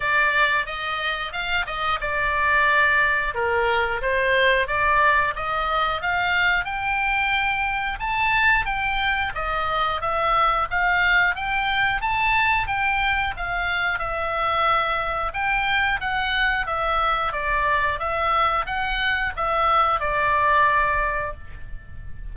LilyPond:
\new Staff \with { instrumentName = "oboe" } { \time 4/4 \tempo 4 = 90 d''4 dis''4 f''8 dis''8 d''4~ | d''4 ais'4 c''4 d''4 | dis''4 f''4 g''2 | a''4 g''4 dis''4 e''4 |
f''4 g''4 a''4 g''4 | f''4 e''2 g''4 | fis''4 e''4 d''4 e''4 | fis''4 e''4 d''2 | }